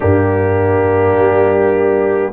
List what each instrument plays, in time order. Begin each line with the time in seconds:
0.00 tuba G2, trombone A#3, horn D4, trumpet G4
1.18 tuba G3